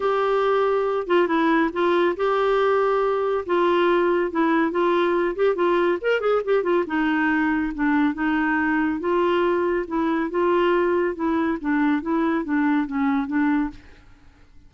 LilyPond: \new Staff \with { instrumentName = "clarinet" } { \time 4/4 \tempo 4 = 140 g'2~ g'8 f'8 e'4 | f'4 g'2. | f'2 e'4 f'4~ | f'8 g'8 f'4 ais'8 gis'8 g'8 f'8 |
dis'2 d'4 dis'4~ | dis'4 f'2 e'4 | f'2 e'4 d'4 | e'4 d'4 cis'4 d'4 | }